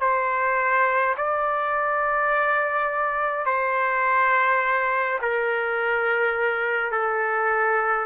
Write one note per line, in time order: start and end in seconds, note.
0.00 1.15 C5
1.17 3.46 D5
3.46 5.19 C5
5.21 6.91 A#4
6.91 8.06 A4